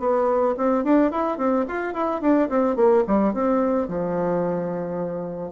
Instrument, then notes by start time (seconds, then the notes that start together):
bassoon
0.00 B3
0.58 C4
0.84 D4
1.12 E4
1.38 C4
1.68 F4
1.94 E4
2.21 D4
2.50 C4
2.76 A#3
3.07 G3
3.34 C4
3.88 F3